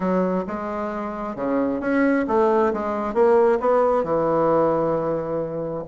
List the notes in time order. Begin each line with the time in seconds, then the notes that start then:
0.00 F#3
0.47 G#3
1.35 C#3
1.80 C#4
2.27 A3
2.73 G#3
3.14 A#3
3.59 B3
4.03 E3